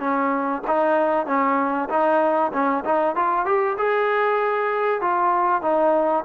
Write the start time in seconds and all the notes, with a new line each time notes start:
0.00 C#4
0.68 D#4
1.26 C#4
1.89 D#4
2.53 C#4
2.85 D#4
3.16 F4
3.46 G4
3.78 G#4
5.01 F4
5.62 D#4